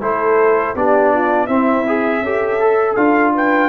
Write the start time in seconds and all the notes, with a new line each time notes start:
0.00 A3 E4 A4 C5
0.75 B3 D4 G4 D5
1.14 F4
1.46 C4 E4 E5
1.87 G#4
2.21 C#4 G4 A4
2.60 A4
2.95 D4 F4 F5
3.34 B4 G5